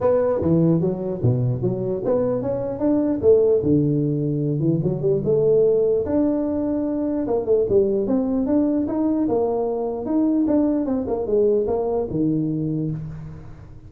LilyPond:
\new Staff \with { instrumentName = "tuba" } { \time 4/4 \tempo 4 = 149 b4 e4 fis4 b,4 | fis4 b4 cis'4 d'4 | a4 d2~ d8 e8 | fis8 g8 a2 d'4~ |
d'2 ais8 a8 g4 | c'4 d'4 dis'4 ais4~ | ais4 dis'4 d'4 c'8 ais8 | gis4 ais4 dis2 | }